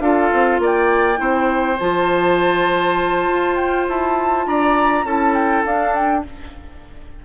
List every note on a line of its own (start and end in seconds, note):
0.00 0.30 D4
0.00 1.16 F4
0.00 0.62 A4
0.00 0.60 F5
0.33 0.59 C4
0.59 1.19 A#3
0.59 1.20 D5
0.59 1.79 G5
1.16 1.79 C4
1.16 1.75 E4
1.16 4.47 C5
1.79 3.29 F3
1.79 5.06 F4
1.79 3.56 A5
3.29 3.88 F4
3.56 3.86 G5
3.88 4.47 E4
3.88 4.48 A5
4.47 5.04 D4
4.47 5.06 D5
4.47 5.06 A#5
5.04 5.63 C#4
5.04 5.66 E4
5.04 6.25 A4
5.04 5.35 A5
5.35 5.64 G5
5.66 6.25 D4
5.66 5.95 F5
5.95 6.25 G5